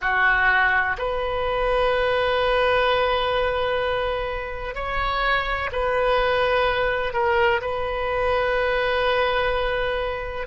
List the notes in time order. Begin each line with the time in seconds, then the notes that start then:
0.01 F#4
0.98 B4
4.74 C#5
5.71 B4
7.13 A#4
7.61 B4